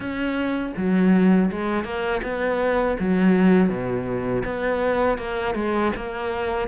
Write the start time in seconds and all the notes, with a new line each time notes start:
0.00 C#4
0.76 F#3
1.51 G#3
1.84 A#3
2.23 B3
2.99 F#3
3.69 B2
4.44 B3
5.18 A#3
5.55 G#3
5.96 A#3